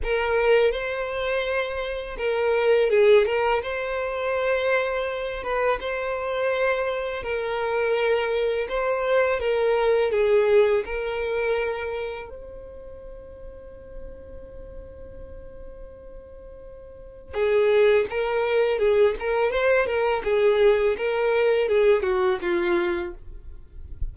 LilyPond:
\new Staff \with { instrumentName = "violin" } { \time 4/4 \tempo 4 = 83 ais'4 c''2 ais'4 | gis'8 ais'8 c''2~ c''8 b'8 | c''2 ais'2 | c''4 ais'4 gis'4 ais'4~ |
ais'4 c''2.~ | c''1 | gis'4 ais'4 gis'8 ais'8 c''8 ais'8 | gis'4 ais'4 gis'8 fis'8 f'4 | }